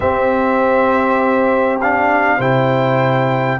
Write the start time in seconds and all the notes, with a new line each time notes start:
0.00 C4 G4 E5
1.80 D4 F5
2.37 C3 E4 C5 G5